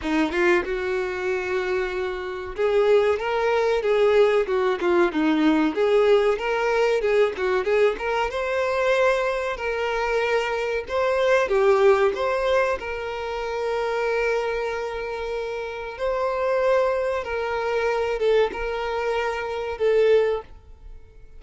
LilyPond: \new Staff \with { instrumentName = "violin" } { \time 4/4 \tempo 4 = 94 dis'8 f'8 fis'2. | gis'4 ais'4 gis'4 fis'8 f'8 | dis'4 gis'4 ais'4 gis'8 fis'8 | gis'8 ais'8 c''2 ais'4~ |
ais'4 c''4 g'4 c''4 | ais'1~ | ais'4 c''2 ais'4~ | ais'8 a'8 ais'2 a'4 | }